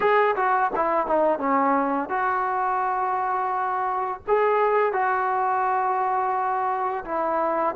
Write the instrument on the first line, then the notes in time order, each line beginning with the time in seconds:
trombone
0.00 G#4
0.35 F#4
0.75 E4
1.07 D#4
1.38 C#4
2.09 F#4
4.27 G#4
4.92 F#4
7.04 E4